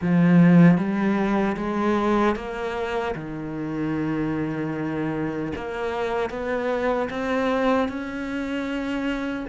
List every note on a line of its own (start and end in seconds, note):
0.01 0.77 F3
0.77 1.56 G3
1.56 2.35 G#3
2.35 3.14 A#3
3.15 5.52 D#3
5.55 6.29 A#3
6.29 7.08 B3
7.09 7.88 C4
7.88 9.46 C#4